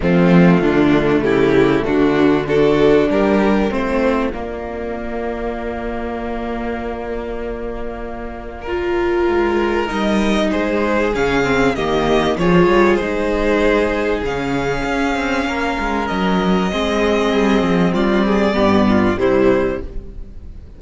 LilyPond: <<
  \new Staff \with { instrumentName = "violin" } { \time 4/4 \tempo 4 = 97 f'2 g'4 fis'4 | a'4 ais'4 c''4 d''4~ | d''1~ | d''1 |
dis''4 c''4 f''4 dis''4 | cis''4 c''2 f''4~ | f''2 dis''2~ | dis''4 d''2 c''4 | }
  \new Staff \with { instrumentName = "violin" } { \time 4/4 c'4 d'4 e'4 d'4 | fis'4 g'4 f'2~ | f'1~ | f'2 ais'2~ |
ais'4 gis'2 g'4 | gis'1~ | gis'4 ais'2 gis'4~ | gis'4 f'8 gis'8 g'8 f'8 e'4 | }
  \new Staff \with { instrumentName = "viola" } { \time 4/4 a1 | d'2 c'4 ais4~ | ais1~ | ais2 f'2 |
dis'2 cis'8 c'8 ais4 | f'4 dis'2 cis'4~ | cis'2. c'4~ | c'2 b4 g4 | }
  \new Staff \with { instrumentName = "cello" } { \time 4/4 f4 d4 cis4 d4~ | d4 g4 a4 ais4~ | ais1~ | ais2. gis4 |
g4 gis4 cis4 dis4 | f8 g8 gis2 cis4 | cis'8 c'8 ais8 gis8 fis4 gis4 | g8 f8 g4 g,4 c4 | }
>>